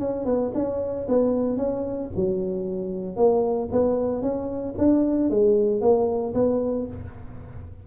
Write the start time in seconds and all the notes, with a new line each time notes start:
0.00 C#4
0.26 B3
0.55 C#4
1.09 B3
1.57 C#4
2.16 F#3
3.17 A#3
3.72 B3
4.22 C#4
4.78 D4
5.30 G#3
5.81 A#3
6.34 B3